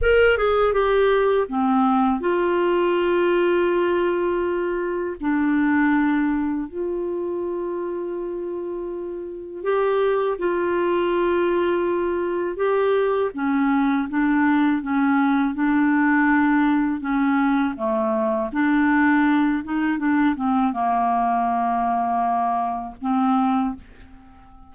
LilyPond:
\new Staff \with { instrumentName = "clarinet" } { \time 4/4 \tempo 4 = 81 ais'8 gis'8 g'4 c'4 f'4~ | f'2. d'4~ | d'4 f'2.~ | f'4 g'4 f'2~ |
f'4 g'4 cis'4 d'4 | cis'4 d'2 cis'4 | a4 d'4. dis'8 d'8 c'8 | ais2. c'4 | }